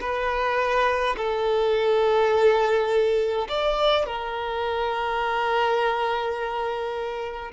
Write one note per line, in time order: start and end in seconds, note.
0.00 1.15 B4
1.17 3.47 A4
3.48 4.05 D5
4.05 7.51 A#4